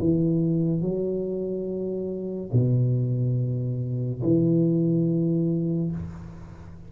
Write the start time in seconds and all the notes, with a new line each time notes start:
0.00 E3
0.82 F#3
2.53 B2
4.23 E3